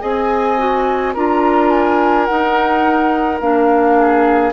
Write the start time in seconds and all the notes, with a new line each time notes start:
0.00 C4 G#4 D#5 G#5
0.57 F#4
1.13 D4 F4 A#4 A#5
1.69 G#5
2.25 D#4 F#5
3.40 A#3 D4 F5
3.98 G#4